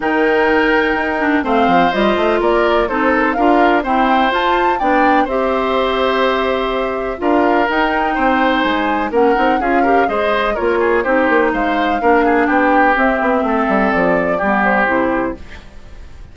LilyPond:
<<
  \new Staff \with { instrumentName = "flute" } { \time 4/4 \tempo 4 = 125 g''2. f''4 | dis''4 d''4 c''8 ais'16 c''16 f''4 | g''4 a''4 g''4 e''4~ | e''2. f''4 |
g''2 gis''4 fis''4 | f''4 dis''4 cis''4 c''4 | f''2 g''4 e''4~ | e''4 d''4. c''4. | }
  \new Staff \with { instrumentName = "oboe" } { \time 4/4 ais'2. c''4~ | c''4 ais'4 a'4 ais'4 | c''2 d''4 c''4~ | c''2. ais'4~ |
ais'4 c''2 ais'4 | gis'8 ais'8 c''4 ais'8 gis'8 g'4 | c''4 ais'8 gis'8 g'2 | a'2 g'2 | }
  \new Staff \with { instrumentName = "clarinet" } { \time 4/4 dis'2~ dis'8 d'8 c'4 | f'2 dis'4 f'4 | c'4 f'4 d'4 g'4~ | g'2. f'4 |
dis'2. cis'8 dis'8 | f'8 g'8 gis'4 f'4 dis'4~ | dis'4 d'2 c'4~ | c'2 b4 e'4 | }
  \new Staff \with { instrumentName = "bassoon" } { \time 4/4 dis2 dis'4 a8 f8 | g8 a8 ais4 c'4 d'4 | e'4 f'4 b4 c'4~ | c'2. d'4 |
dis'4 c'4 gis4 ais8 c'8 | cis'4 gis4 ais4 c'8 ais8 | gis4 ais4 b4 c'8 b8 | a8 g8 f4 g4 c4 | }
>>